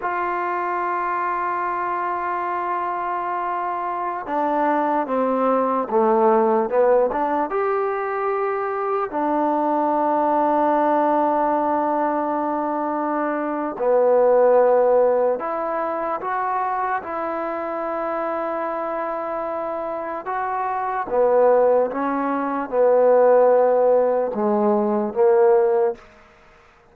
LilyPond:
\new Staff \with { instrumentName = "trombone" } { \time 4/4 \tempo 4 = 74 f'1~ | f'4~ f'16 d'4 c'4 a8.~ | a16 b8 d'8 g'2 d'8.~ | d'1~ |
d'4 b2 e'4 | fis'4 e'2.~ | e'4 fis'4 b4 cis'4 | b2 gis4 ais4 | }